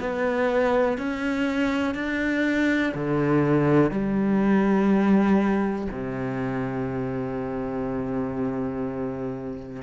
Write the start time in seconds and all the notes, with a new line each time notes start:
0.00 B3
0.98 C#4
1.95 D4
2.95 D3
3.91 G3
5.92 C3